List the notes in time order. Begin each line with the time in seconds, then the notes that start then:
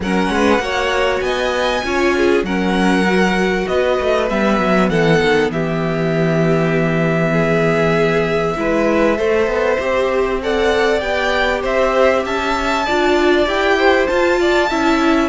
0.00 F#3 C#4 A#4 F#5
0.28 G#3 B4
0.58 A#3 F#4 C#5
1.20 B3 D#5 G#5
1.83 C#4 F4 C#5
2.16 G#4
2.43 F#3 C#4 A#4 F#5
3.05 F#4
3.67 B3 B4 D#5
4.00 A3
4.28 G3 B3 E5
4.59 F#3
4.89 E3 A4 F#5
5.22 D#3
5.50 E3 G4 E5
7.32 G#4
8.56 G#3 E4 B4
9.17 A3 A4 C5
9.46 B3
9.79 C4 G4
10.42 A4 D5 F#5
11.00 B3 G4 G5
11.61 C4 C5 E5
12.24 C#4 E5 A5
12.85 D4 F4 D5
13.46 E4 G4 G5
13.78 C5
14.07 F4 A5
14.40 D5
14.69 C#4 E4 E5